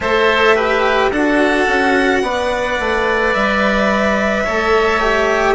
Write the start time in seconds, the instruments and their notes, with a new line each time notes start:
0.00 bassoon A3, cello A4, oboe C5, violin E5
0.55 cello G4, oboe B4
1.10 bassoon D4, cello F#4, oboe A4, violin F#5
1.68 bassoon C#4
2.22 bassoon B3, cello B4, oboe D5
2.79 bassoon A3
3.33 bassoon G3, violin E5
4.44 bassoon A3, cello A4, oboe C#5
5.00 cello G4